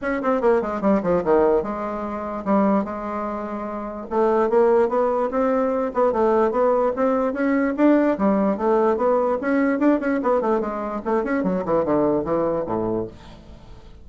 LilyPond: \new Staff \with { instrumentName = "bassoon" } { \time 4/4 \tempo 4 = 147 cis'8 c'8 ais8 gis8 g8 f8 dis4 | gis2 g4 gis4~ | gis2 a4 ais4 | b4 c'4. b8 a4 |
b4 c'4 cis'4 d'4 | g4 a4 b4 cis'4 | d'8 cis'8 b8 a8 gis4 a8 cis'8 | fis8 e8 d4 e4 a,4 | }